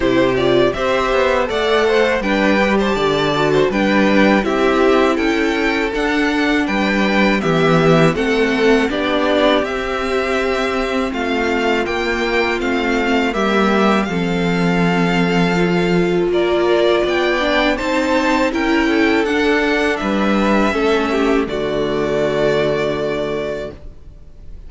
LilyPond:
<<
  \new Staff \with { instrumentName = "violin" } { \time 4/4 \tempo 4 = 81 c''8 d''8 e''4 fis''4 g''8. a''16~ | a''4 g''4 e''4 g''4 | fis''4 g''4 e''4 fis''4 | d''4 e''2 f''4 |
g''4 f''4 e''4 f''4~ | f''2 d''4 g''4 | a''4 g''4 fis''4 e''4~ | e''4 d''2. | }
  \new Staff \with { instrumentName = "violin" } { \time 4/4 g'4 c''4 d''8 c''8 b'8. c''16 | d''8. c''16 b'4 g'4 a'4~ | a'4 b'4 g'4 a'4 | g'2. f'4~ |
f'2 g'4 a'4~ | a'2 ais'4 d''4 | c''4 ais'8 a'4. b'4 | a'8 g'8 fis'2. | }
  \new Staff \with { instrumentName = "viola" } { \time 4/4 e'8 f'8 g'4 a'4 d'8 g'8~ | g'8 fis'8 d'4 e'2 | d'2 b4 c'4 | d'4 c'2. |
ais4 c'4 ais4 c'4~ | c'4 f'2~ f'8 d'8 | dis'4 e'4 d'2 | cis'4 a2. | }
  \new Staff \with { instrumentName = "cello" } { \time 4/4 c4 c'8 b8 a4 g4 | d4 g4 c'4 cis'4 | d'4 g4 e4 a4 | b4 c'2 a4 |
ais4 a4 g4 f4~ | f2 ais4 b4 | c'4 cis'4 d'4 g4 | a4 d2. | }
>>